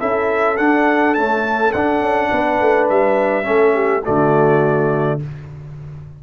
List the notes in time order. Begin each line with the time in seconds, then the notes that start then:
0.00 C#4 E4 A4 E5
0.58 D4 F#5
1.15 A3 C#4 A5
1.73 D4 F#5
2.01 C#4
2.31 B3 B4
2.61 A3
2.90 G3 E5
3.44 A3 C#4 A4
3.75 G4
4.04 D3 A3 F#4 D5